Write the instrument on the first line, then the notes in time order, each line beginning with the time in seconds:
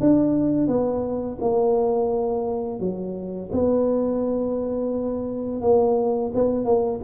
tuba
0.00 D4
0.67 B3
1.41 A#3
2.80 F#3
3.52 B3
5.61 A#3
6.34 B3
6.65 A#3